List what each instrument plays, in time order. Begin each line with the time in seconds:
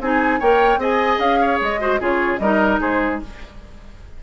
0.00 bassoon C4, clarinet D#4, oboe G#4, flute G#5
0.40 bassoon A#3, clarinet A#4, oboe C#5, flute G5
0.77 bassoon C4, clarinet G#4, oboe D#5, flute G#5
1.19 bassoon C#4, flute F5
1.40 oboe C#5
1.61 bassoon G#3, flute D#5
1.79 clarinet F#4, oboe C5
2.00 bassoon C#3, clarinet F4, oboe G#4, flute C#5
2.39 bassoon G3, clarinet D#4, oboe A#4, flute D#5
2.81 bassoon G#3, oboe G#4, flute C5